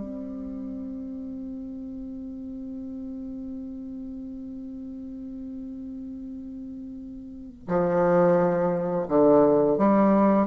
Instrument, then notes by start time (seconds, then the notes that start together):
bassoon
0.00 C4
7.68 F3
9.09 D3
9.78 G3